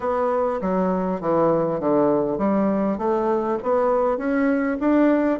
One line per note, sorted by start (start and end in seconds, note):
0.00 0.60 B3
0.61 1.21 F#3
1.21 1.80 E3
1.80 2.38 D3
2.38 2.98 G3
2.98 3.58 A3
3.62 4.17 B3
4.17 4.77 C#4
4.80 5.39 D4